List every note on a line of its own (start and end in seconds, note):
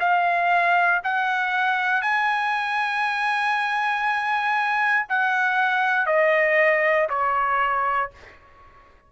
0.00 1.02 F5
1.04 2.02 F#5
2.02 5.07 G#5
5.09 6.06 F#5
6.06 7.08 D#5
7.10 8.11 C#5